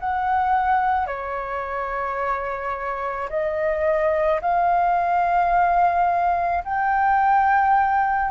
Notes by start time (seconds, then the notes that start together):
0.00 F#5
1.07 C#5
3.30 D#5
4.41 F5
6.64 G5